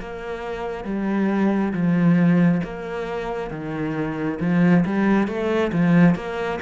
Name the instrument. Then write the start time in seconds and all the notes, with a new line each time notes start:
cello
0.00 A#3
0.84 G3
1.73 F3
2.64 A#3
3.51 D#3
4.40 F3
4.85 G3
5.27 A3
5.72 F3
6.15 A#3